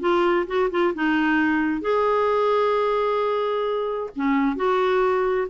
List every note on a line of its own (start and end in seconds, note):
0.00 0.46 F4
0.47 0.70 F#4
0.70 0.93 F4
0.94 1.81 D#4
1.81 4.10 G#4
4.15 4.56 C#4
4.56 5.48 F#4